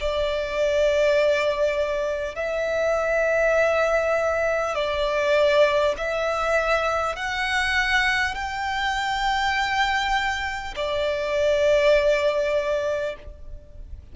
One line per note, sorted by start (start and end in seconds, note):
0.00 2.35 D5
2.35 4.75 E5
4.75 5.95 D5
5.97 7.15 E5
7.15 8.34 F#5
8.34 10.74 G5
10.76 13.16 D5